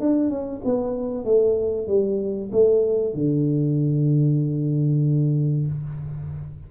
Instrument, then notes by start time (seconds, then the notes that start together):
tuba
0.00 D4
0.30 C#4
0.65 B3
1.25 A3
1.87 G3
2.52 A3
3.14 D3